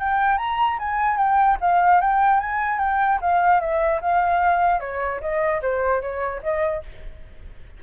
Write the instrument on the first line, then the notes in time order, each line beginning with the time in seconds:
flute
0.00 G5
0.38 A#5
0.79 G#5
1.17 G5
1.61 F5
2.01 G5
2.40 G#5
2.79 G5
3.22 F5
3.61 E5
4.01 F5
4.80 C#5
5.21 D#5
5.62 C5
6.01 C#5
6.43 D#5